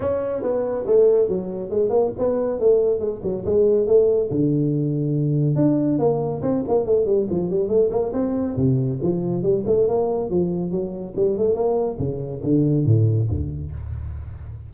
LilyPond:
\new Staff \with { instrumentName = "tuba" } { \time 4/4 \tempo 4 = 140 cis'4 b4 a4 fis4 | gis8 ais8 b4 a4 gis8 fis8 | gis4 a4 d2~ | d4 d'4 ais4 c'8 ais8 |
a8 g8 f8 g8 a8 ais8 c'4 | c4 f4 g8 a8 ais4 | f4 fis4 g8 a8 ais4 | cis4 d4 a,4 d,4 | }